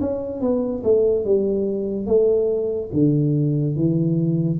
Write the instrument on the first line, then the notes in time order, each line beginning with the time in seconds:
tuba
0.00 C#4
0.40 B3
0.83 A3
1.24 G3
2.06 A3
2.92 D3
3.75 E3